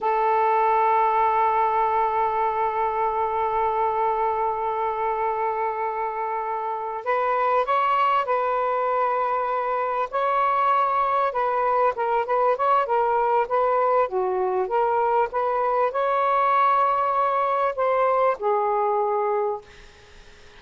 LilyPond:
\new Staff \with { instrumentName = "saxophone" } { \time 4/4 \tempo 4 = 98 a'1~ | a'1~ | a'2.~ a'8 b'8~ | b'8 cis''4 b'2~ b'8~ |
b'8 cis''2 b'4 ais'8 | b'8 cis''8 ais'4 b'4 fis'4 | ais'4 b'4 cis''2~ | cis''4 c''4 gis'2 | }